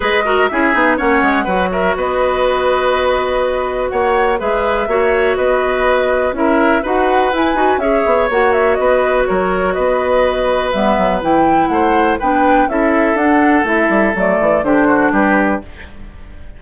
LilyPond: <<
  \new Staff \with { instrumentName = "flute" } { \time 4/4 \tempo 4 = 123 dis''4 e''4 fis''4. e''8 | dis''1 | fis''4 e''2 dis''4~ | dis''4 e''4 fis''4 gis''4 |
e''4 fis''8 e''8 dis''4 cis''4 | dis''2 e''4 g''4 | fis''4 g''4 e''4 fis''4 | e''4 d''4 c''4 b'4 | }
  \new Staff \with { instrumentName = "oboe" } { \time 4/4 b'8 ais'8 gis'4 cis''4 b'8 ais'8 | b'1 | cis''4 b'4 cis''4 b'4~ | b'4 ais'4 b'2 |
cis''2 b'4 ais'4 | b'1 | c''4 b'4 a'2~ | a'2 g'8 fis'8 g'4 | }
  \new Staff \with { instrumentName = "clarinet" } { \time 4/4 gis'8 fis'8 e'8 dis'8 cis'4 fis'4~ | fis'1~ | fis'4 gis'4 fis'2~ | fis'4 e'4 fis'4 e'8 fis'8 |
gis'4 fis'2.~ | fis'2 b4 e'4~ | e'4 d'4 e'4 d'4 | e'4 a4 d'2 | }
  \new Staff \with { instrumentName = "bassoon" } { \time 4/4 gis4 cis'8 b8 ais8 gis8 fis4 | b1 | ais4 gis4 ais4 b4~ | b4 cis'4 dis'4 e'8 dis'8 |
cis'8 b8 ais4 b4 fis4 | b2 g8 fis8 e4 | a4 b4 cis'4 d'4 | a8 g8 fis8 e8 d4 g4 | }
>>